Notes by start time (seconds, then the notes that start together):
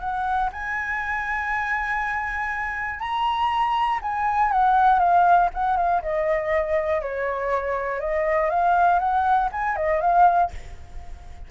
0.00 F#5
0.53 G#5
3.00 A#5
4.02 G#5
4.52 F#5
4.99 F5
5.54 F#5
5.77 F5
6.02 D#5
7.02 C#5
8.00 D#5
8.50 F5
8.99 F#5
9.52 G#5
9.76 D#5
10.01 F5